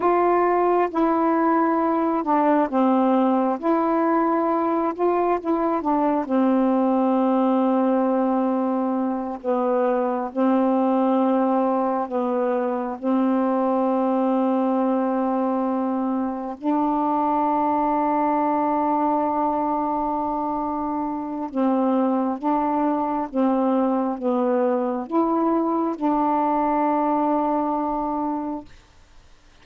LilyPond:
\new Staff \with { instrumentName = "saxophone" } { \time 4/4 \tempo 4 = 67 f'4 e'4. d'8 c'4 | e'4. f'8 e'8 d'8 c'4~ | c'2~ c'8 b4 c'8~ | c'4. b4 c'4.~ |
c'2~ c'8 d'4.~ | d'1 | c'4 d'4 c'4 b4 | e'4 d'2. | }